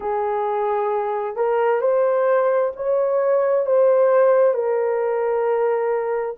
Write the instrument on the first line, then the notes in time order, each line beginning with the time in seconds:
horn
0.00 G#4
1.36 A#4
1.81 C5
2.76 C#5
3.66 C5
4.54 A#4